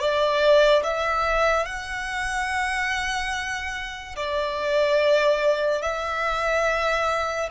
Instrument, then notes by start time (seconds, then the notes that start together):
violin
0.00 D5
0.83 E5
1.66 F#5
4.16 D5
5.82 E5